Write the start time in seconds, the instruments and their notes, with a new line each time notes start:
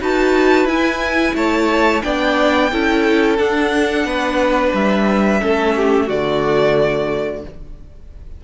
0.00 cello D#4, viola F#4, violin B4 A5
0.65 cello E4, viola E4, violin G#5
1.34 cello A3, violin C#5 A5
2.02 cello B3, viola D4, violin D5 G5
2.71 cello C#4, viola E4, violin A4
3.37 viola D4, cello D4, violin F#5
4.04 cello B3, violin B4
4.73 cello G3, violin E5
5.40 cello A3, viola C#4, violin A4
5.76 violin G4
6.06 cello D3, viola A3, violin F#4 D5